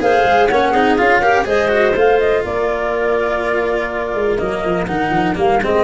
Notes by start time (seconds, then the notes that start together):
0.00 A#3 G#4 C5 F5
0.25 G#3
0.48 A#3 C#4 C#5 F#5
0.72 C4 D#4 G#4
0.97 C#4 F4 F5
1.21 G4 A#4
1.45 G#3 G#4 C5 D#5
1.69 F#4
1.95 A3 F4 F5
2.19 D#5
2.43 A#3 A#4 D5
4.15 G#3
4.37 F#3 A#3 D#5
4.64 F3
4.86 D#3 D#4 F#5
5.11 F3
5.35 G3 A#3 F5
5.63 G#3 C4 D#5